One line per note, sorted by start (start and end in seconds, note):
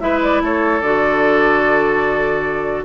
0.00 0.41 G#3
0.00 0.82 E4
0.00 0.43 B4
0.00 0.20 E5
0.22 0.43 D5
0.41 0.81 A3
0.41 2.85 A4
0.41 0.81 C#5
0.81 2.85 D3
0.81 2.85 F#4
0.81 2.85 D5